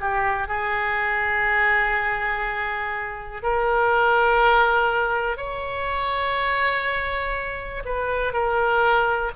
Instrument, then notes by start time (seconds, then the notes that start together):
oboe
0.00 G4
0.48 G#4
3.43 A#4
5.37 C#5
7.85 B4
8.33 A#4